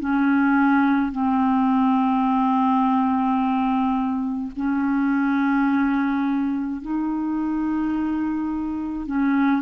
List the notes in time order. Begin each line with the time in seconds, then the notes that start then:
0.00 C#4
1.12 C4
4.56 C#4
6.82 D#4
9.07 C#4